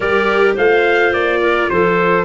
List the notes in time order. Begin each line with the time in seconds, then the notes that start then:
0.00 G3 G4 A#4 D5
0.54 A3 F4 C5 F5
1.13 A#3 D5
1.41 A#4
1.69 F3 A4 C5